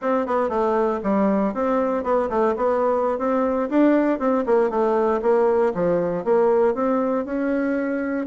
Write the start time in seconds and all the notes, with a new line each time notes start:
0.01 C4
0.26 B3
0.49 A3
1.03 G3
1.54 C4
2.03 B3
2.29 A3
2.56 B3
3.18 C4
3.69 D4
4.19 C4
4.46 A#3
4.70 A3
5.22 A#3
5.74 F3
6.24 A#3
6.74 C4
7.25 C#4